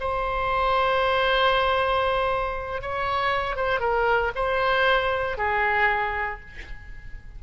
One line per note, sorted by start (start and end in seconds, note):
0.00 2.82 C5
2.82 3.56 C#5
3.56 3.80 C5
3.80 4.32 A#4
4.36 5.38 C5
5.38 6.41 G#4